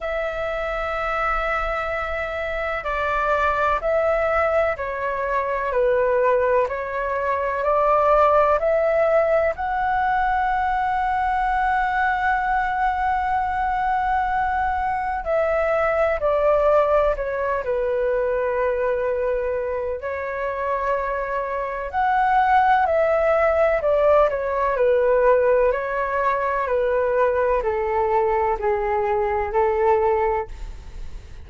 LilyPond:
\new Staff \with { instrumentName = "flute" } { \time 4/4 \tempo 4 = 63 e''2. d''4 | e''4 cis''4 b'4 cis''4 | d''4 e''4 fis''2~ | fis''1 |
e''4 d''4 cis''8 b'4.~ | b'4 cis''2 fis''4 | e''4 d''8 cis''8 b'4 cis''4 | b'4 a'4 gis'4 a'4 | }